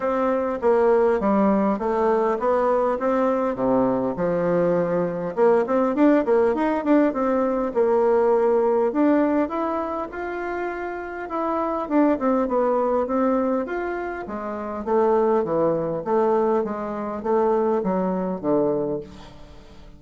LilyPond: \new Staff \with { instrumentName = "bassoon" } { \time 4/4 \tempo 4 = 101 c'4 ais4 g4 a4 | b4 c'4 c4 f4~ | f4 ais8 c'8 d'8 ais8 dis'8 d'8 | c'4 ais2 d'4 |
e'4 f'2 e'4 | d'8 c'8 b4 c'4 f'4 | gis4 a4 e4 a4 | gis4 a4 fis4 d4 | }